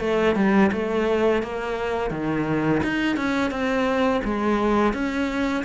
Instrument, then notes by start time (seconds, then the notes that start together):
cello
0.00 A3
0.35 G3
0.72 A3
1.42 A#3
2.10 D#3
2.83 D#4
3.16 C#4
3.51 C4
4.24 G#3
4.93 C#4